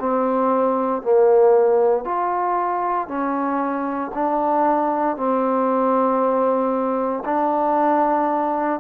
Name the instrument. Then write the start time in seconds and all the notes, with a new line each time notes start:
trombone
0.00 C4
1.03 A#3
2.05 F4
3.08 C#4
4.15 D4
5.17 C4
7.25 D4